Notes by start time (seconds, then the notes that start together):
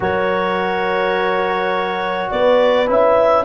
0.00 F#3 F#4 A#4 C#5
2.30 B3 B4 D5
2.86 C#4 E4 E5